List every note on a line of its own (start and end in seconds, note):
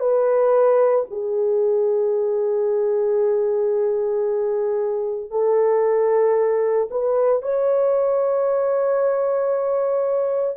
0.00 1.05 B4
1.11 5.31 G#4
5.31 6.89 A4
6.91 7.43 B4
7.43 10.57 C#5